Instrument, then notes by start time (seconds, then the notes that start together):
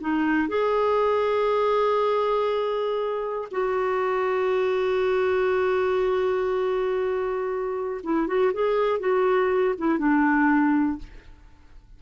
clarinet
0.00 D#4
0.48 G#4
3.51 F#4
8.03 E4
8.27 F#4
8.53 G#4
8.99 F#4
9.78 E4
9.98 D4